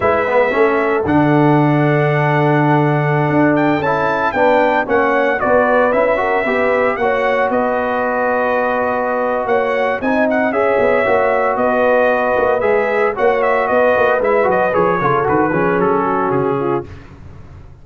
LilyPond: <<
  \new Staff \with { instrumentName = "trumpet" } { \time 4/4 \tempo 4 = 114 e''2 fis''2~ | fis''2~ fis''8. g''8 a''8.~ | a''16 g''4 fis''4 d''4 e''8.~ | e''4~ e''16 fis''4 dis''4.~ dis''16~ |
dis''2 fis''4 gis''8 fis''8 | e''2 dis''2 | e''4 fis''8 e''8 dis''4 e''8 dis''8 | cis''4 b'4 a'4 gis'4 | }
  \new Staff \with { instrumentName = "horn" } { \time 4/4 b'4 a'2.~ | a'1~ | a'16 b'4 cis''4 b'4. ais'16~ | ais'16 b'4 cis''4 b'4.~ b'16~ |
b'2 cis''4 dis''4 | cis''2 b'2~ | b'4 cis''4 b'2~ | b'8 a'4 gis'4 fis'4 f'8 | }
  \new Staff \with { instrumentName = "trombone" } { \time 4/4 e'8 b8 cis'4 d'2~ | d'2.~ d'16 e'8.~ | e'16 d'4 cis'4 fis'4 e'8 fis'16~ | fis'16 g'4 fis'2~ fis'8.~ |
fis'2. dis'4 | gis'4 fis'2. | gis'4 fis'2 e'8 fis'8 | gis'8 f'8 fis'8 cis'2~ cis'8 | }
  \new Staff \with { instrumentName = "tuba" } { \time 4/4 gis4 a4 d2~ | d2~ d16 d'4 cis'8.~ | cis'16 b4 ais4 b4 cis'8.~ | cis'16 b4 ais4 b4.~ b16~ |
b2 ais4 c'4 | cis'8 b8 ais4 b4. ais8 | gis4 ais4 b8 ais8 gis8 fis8 | f8 cis8 dis8 f8 fis4 cis4 | }
>>